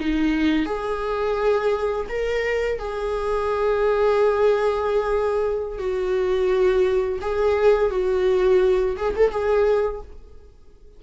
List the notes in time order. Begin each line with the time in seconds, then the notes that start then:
0.00 D#4
0.66 G#4
2.09 A#4
2.79 G#4
5.78 F#4
7.21 G#4
7.91 F#4
8.97 G#4
9.16 A4
9.31 G#4